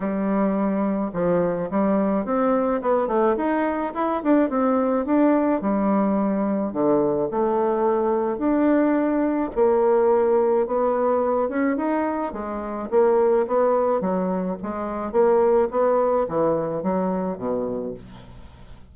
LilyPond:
\new Staff \with { instrumentName = "bassoon" } { \time 4/4 \tempo 4 = 107 g2 f4 g4 | c'4 b8 a8 dis'4 e'8 d'8 | c'4 d'4 g2 | d4 a2 d'4~ |
d'4 ais2 b4~ | b8 cis'8 dis'4 gis4 ais4 | b4 fis4 gis4 ais4 | b4 e4 fis4 b,4 | }